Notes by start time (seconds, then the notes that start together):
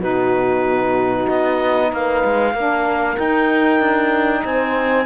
0.00 B2 D#4 F#4 B4
1.28 B3 D#5
1.91 A#3 B4 F5
2.25 G#3
2.54 A#3 D4 A#4
3.16 D#4 G5
3.80 D4
4.44 C4 C5 G#5